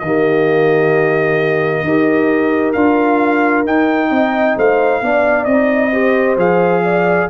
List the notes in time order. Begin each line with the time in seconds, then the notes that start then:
0.00 D#3 A#3 G4 D#5
1.83 D#4 G4 A#4
2.73 D4 F4 F5
3.66 D#4 G5
4.10 C4 D#5
4.57 A3 C5 F5
5.02 B3 D4 D5
5.45 C4 D#4 D#5
5.93 G4 C5
6.37 F3 G#4 F5
6.84 D5